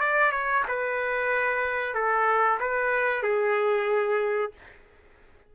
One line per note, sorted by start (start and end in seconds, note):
0.00 0.31 D5
0.31 0.63 C#5
0.67 1.94 B4
1.94 2.58 A4
2.60 3.22 B4
3.22 4.51 G#4